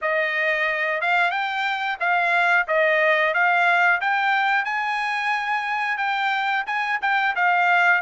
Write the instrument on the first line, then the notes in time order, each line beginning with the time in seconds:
trumpet
0.01 D#5
1.01 F5
1.31 G5
2.00 F5
2.67 D#5
3.33 F5
4.00 G5
4.65 G#5
5.97 G5
6.66 G#5
7.02 G5
7.35 F5